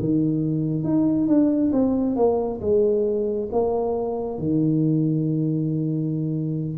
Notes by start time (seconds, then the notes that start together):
0.00 D#3
0.84 D#4
1.28 D4
1.73 C4
2.17 A#3
2.61 G#3
3.53 A#3
4.39 D#3